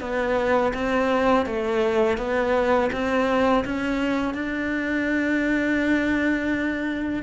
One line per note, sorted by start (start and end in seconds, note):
0.00 0.72 B3
0.73 1.46 C4
1.46 2.17 A3
2.17 2.89 B3
2.92 3.64 C4
3.64 4.34 C#4
4.34 7.23 D4